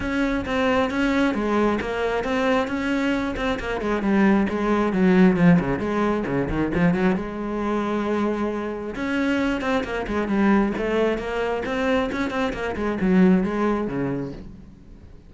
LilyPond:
\new Staff \with { instrumentName = "cello" } { \time 4/4 \tempo 4 = 134 cis'4 c'4 cis'4 gis4 | ais4 c'4 cis'4. c'8 | ais8 gis8 g4 gis4 fis4 | f8 cis8 gis4 cis8 dis8 f8 fis8 |
gis1 | cis'4. c'8 ais8 gis8 g4 | a4 ais4 c'4 cis'8 c'8 | ais8 gis8 fis4 gis4 cis4 | }